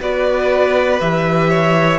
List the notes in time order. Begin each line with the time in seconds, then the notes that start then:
0.00 B3 F#4 B4 D5
1.00 E3 G4 E5
1.50 C#5